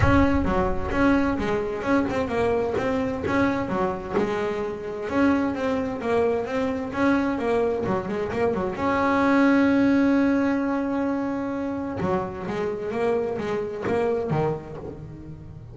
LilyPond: \new Staff \with { instrumentName = "double bass" } { \time 4/4 \tempo 4 = 130 cis'4 fis4 cis'4 gis4 | cis'8 c'8 ais4 c'4 cis'4 | fis4 gis2 cis'4 | c'4 ais4 c'4 cis'4 |
ais4 fis8 gis8 ais8 fis8 cis'4~ | cis'1~ | cis'2 fis4 gis4 | ais4 gis4 ais4 dis4 | }